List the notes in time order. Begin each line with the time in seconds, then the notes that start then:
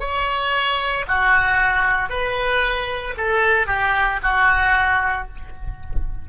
0.00 C#5
1.08 F#4
2.09 B4
3.17 A4
3.67 G4
4.22 F#4